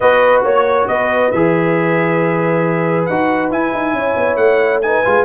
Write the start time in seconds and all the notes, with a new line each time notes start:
0.00 B3 F#4 B4 D#5
0.42 A#3 C#5
0.87 B3 B4 D#5
1.31 E3 G#4 E5
3.05 D#4 F#4 F#5
3.50 E4 G#5
3.73 D#4
3.93 C#4 C#5
4.16 B3
4.36 A3 F#5
4.81 D#4 B4 G#5
5.04 G#3 F4